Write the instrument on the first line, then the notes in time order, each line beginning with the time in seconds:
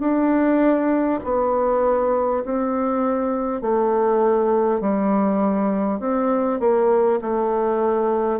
bassoon
0.00 D4
1.24 B3
2.45 C4
3.62 A3
4.81 G3
6.00 C4
6.60 A#3
7.22 A3